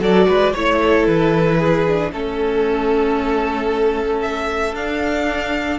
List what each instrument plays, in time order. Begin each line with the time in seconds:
0.00 cello F#3, viola F#4, violin A4 D5
0.28 cello G#3, violin B4
0.53 cello A3, viola E4, violin C#5
0.82 violin A4
1.06 cello E3, violin B4
1.59 violin G#4
1.87 viola D4
2.12 cello A3, viola C#4, violin A4
4.22 violin E5
4.73 cello D4, viola D4, violin F5